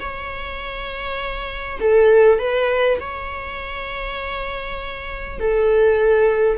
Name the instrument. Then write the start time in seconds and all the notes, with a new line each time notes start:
viola
0.00 C#5
1.81 A4
2.39 B4
3.01 C#5
5.40 A4